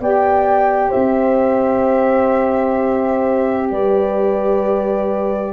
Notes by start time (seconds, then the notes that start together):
0.00 B3 G4 D5 G5
0.89 C4 C5 E5
3.71 G3 B4 D5